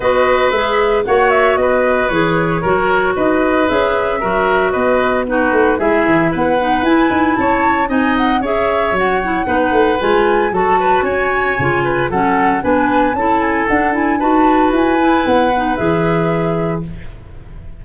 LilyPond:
<<
  \new Staff \with { instrumentName = "flute" } { \time 4/4 \tempo 4 = 114 dis''4 e''4 fis''8 e''8 dis''4 | cis''2 dis''4 e''4~ | e''4 dis''4 b'4 e''4 | fis''4 gis''4 a''4 gis''8 fis''8 |
e''4 fis''2 gis''4 | a''4 gis''2 fis''4 | gis''4 a''8 gis''8 fis''8 gis''8 a''4 | gis''4 fis''4 e''2 | }
  \new Staff \with { instrumentName = "oboe" } { \time 4/4 b'2 cis''4 b'4~ | b'4 ais'4 b'2 | ais'4 b'4 fis'4 gis'4 | b'2 cis''4 dis''4 |
cis''2 b'2 | a'8 b'8 cis''4. b'8 a'4 | b'4 a'2 b'4~ | b'1 | }
  \new Staff \with { instrumentName = "clarinet" } { \time 4/4 fis'4 gis'4 fis'2 | gis'4 fis'2 gis'4 | fis'2 dis'4 e'4~ | e'8 dis'8 e'2 dis'4 |
gis'4 fis'8 e'8 dis'4 f'4 | fis'2 f'4 cis'4 | d'4 e'4 d'8 e'8 fis'4~ | fis'8 e'4 dis'8 gis'2 | }
  \new Staff \with { instrumentName = "tuba" } { \time 4/4 b4 gis4 ais4 b4 | e4 fis4 dis'4 cis'4 | fis4 b4. a8 gis8 e8 | b4 e'8 dis'8 cis'4 c'4 |
cis'4 fis4 b8 a8 gis4 | fis4 cis'4 cis4 fis4 | b4 cis'4 d'4 dis'4 | e'4 b4 e2 | }
>>